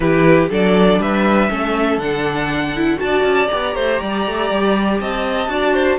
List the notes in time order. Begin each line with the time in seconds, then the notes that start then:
0.00 E3 E4 G4 B4
0.49 F#3 D4 A4 D5
0.99 G3 B4 E5
1.49 A3 C#4 A4
1.97 D3 D4 F#5
2.76 E4
2.96 D4 F#4 A5
3.04 D5
3.23 C#4
3.48 B3 G4 A#5
3.75 A3 C5
4.00 G3 D5
4.26 A3
4.49 G3
5.00 C4 D#5 A5
5.48 D4 F#4 D5
5.73 C5